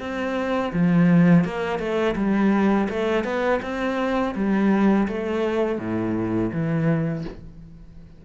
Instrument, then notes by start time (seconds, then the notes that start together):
cello
0.00 C4
0.73 F3
1.45 A#3
1.79 A3
2.16 G3
2.89 A3
3.24 B3
3.62 C4
4.35 G3
5.08 A3
5.79 A2
6.53 E3